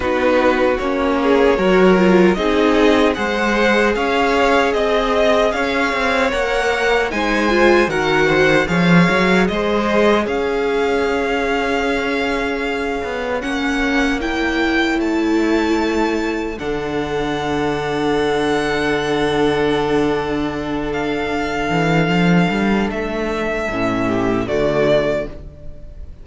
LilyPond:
<<
  \new Staff \with { instrumentName = "violin" } { \time 4/4 \tempo 4 = 76 b'4 cis''2 dis''4 | fis''4 f''4 dis''4 f''4 | fis''4 gis''4 fis''4 f''4 | dis''4 f''2.~ |
f''4 fis''4 g''4 a''4~ | a''4 fis''2.~ | fis''2~ fis''8 f''4.~ | f''4 e''2 d''4 | }
  \new Staff \with { instrumentName = "violin" } { \time 4/4 fis'4. gis'8 ais'4 gis'4 | c''4 cis''4 dis''4 cis''4~ | cis''4 c''4 ais'8 c''8 cis''4 | c''4 cis''2.~ |
cis''1~ | cis''4 a'2.~ | a'1~ | a'2~ a'8 g'8 fis'4 | }
  \new Staff \with { instrumentName = "viola" } { \time 4/4 dis'4 cis'4 fis'8 f'8 dis'4 | gis'1 | ais'4 dis'8 f'8 fis'4 gis'4~ | gis'1~ |
gis'4 cis'4 e'2~ | e'4 d'2.~ | d'1~ | d'2 cis'4 a4 | }
  \new Staff \with { instrumentName = "cello" } { \time 4/4 b4 ais4 fis4 c'4 | gis4 cis'4 c'4 cis'8 c'8 | ais4 gis4 dis4 f8 fis8 | gis4 cis'2.~ |
cis'8 b8 ais2 a4~ | a4 d2.~ | d2.~ d8 e8 | f8 g8 a4 a,4 d4 | }
>>